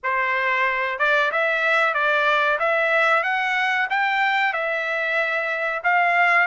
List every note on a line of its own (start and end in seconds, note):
0.03 0.99 C5
0.99 1.31 D5
1.31 1.94 E5
1.94 2.58 D5
2.59 3.23 E5
3.23 3.87 F#5
3.90 4.53 G5
4.53 5.82 E5
5.83 6.47 F5